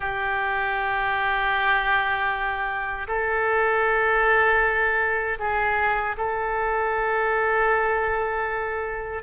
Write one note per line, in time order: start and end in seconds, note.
0.00 3.07 G4
3.07 5.38 A4
5.39 6.16 G#4
6.17 9.23 A4